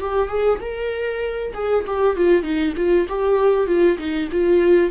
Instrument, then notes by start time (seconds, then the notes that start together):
viola
0.00 G4
0.28 G#4
0.60 A#4
1.54 G#4
1.87 G4
2.16 F4
2.43 D#4
2.76 F4
3.09 G4
3.67 F4
3.98 D#4
4.32 F4